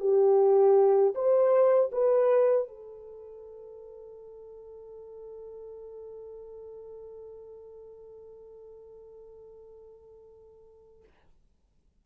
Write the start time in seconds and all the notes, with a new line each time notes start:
0.00 G4
1.15 C5
1.92 B4
2.68 A4